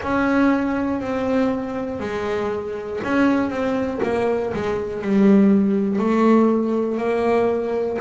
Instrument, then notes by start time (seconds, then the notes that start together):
double bass
0.02 C#4
1.00 C4
2.00 G#3
3.03 C#4
3.50 C4
4.03 A#3
4.53 G#3
5.02 G3
5.99 A3
6.97 A#3